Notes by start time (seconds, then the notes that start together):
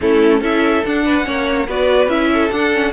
0.00 A3 C#4 E4 A4
0.40 C#4 E4 A4 E5
0.85 D4 F#5
1.05 B4
1.23 A#3 C#4 C#5
1.67 B3 F#4 B4 D5
2.07 C#4 E4 E5
2.33 A4
2.50 D4 F#5
2.72 C#4